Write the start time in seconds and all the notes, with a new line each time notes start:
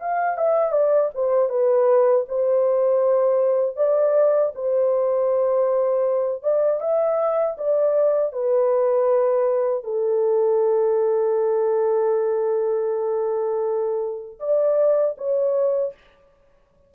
0.00 F5
0.38 E5
0.72 D5
1.15 C5
1.49 B4
2.28 C5
3.77 D5
4.55 C5
6.43 D5
6.81 E5
7.57 D5
8.33 B4
9.84 A4
14.40 D5
15.18 C#5